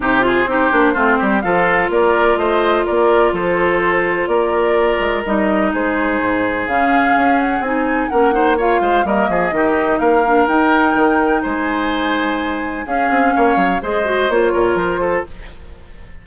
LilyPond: <<
  \new Staff \with { instrumentName = "flute" } { \time 4/4 \tempo 4 = 126 c''2. f''4 | d''4 dis''4 d''4 c''4~ | c''4 d''2 dis''4 | c''2 f''4. fis''8 |
gis''4 fis''4 f''4 dis''4~ | dis''4 f''4 g''2 | gis''2. f''4~ | f''4 dis''4 cis''4 c''4 | }
  \new Staff \with { instrumentName = "oboe" } { \time 4/4 g'8 gis'8 g'4 f'8 g'8 a'4 | ais'4 c''4 ais'4 a'4~ | a'4 ais'2. | gis'1~ |
gis'4 ais'8 c''8 cis''8 c''8 ais'8 gis'8 | g'4 ais'2. | c''2. gis'4 | cis''4 c''4. ais'4 a'8 | }
  \new Staff \with { instrumentName = "clarinet" } { \time 4/4 dis'8 f'8 dis'8 d'8 c'4 f'4~ | f'1~ | f'2. dis'4~ | dis'2 cis'2 |
dis'4 cis'8 dis'8 f'4 ais4 | dis'4. d'8 dis'2~ | dis'2. cis'4~ | cis'4 gis'8 fis'8 f'2 | }
  \new Staff \with { instrumentName = "bassoon" } { \time 4/4 c4 c'8 ais8 a8 g8 f4 | ais4 a4 ais4 f4~ | f4 ais4. gis8 g4 | gis4 gis,4 cis4 cis'4 |
c'4 ais4. gis8 g8 f8 | dis4 ais4 dis'4 dis4 | gis2. cis'8 c'8 | ais8 fis8 gis4 ais8 ais,8 f4 | }
>>